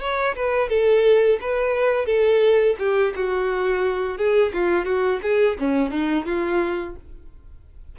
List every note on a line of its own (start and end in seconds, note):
0.00 0.35 C#5
0.36 0.69 B4
0.69 1.39 A4
1.40 2.06 B4
2.06 2.76 A4
2.78 3.13 G4
3.15 4.17 F#4
4.17 4.52 G#4
4.53 4.85 F4
4.85 5.20 F#4
5.22 5.57 G#4
5.59 5.90 C#4
5.90 6.25 D#4
6.25 6.95 F4